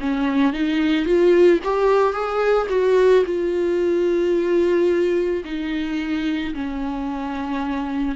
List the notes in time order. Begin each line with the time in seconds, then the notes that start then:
0.00 C#4
0.53 D#4
1.05 F4
1.64 G4
2.12 G#4
2.69 F#4
3.25 F4
5.44 D#4
6.54 C#4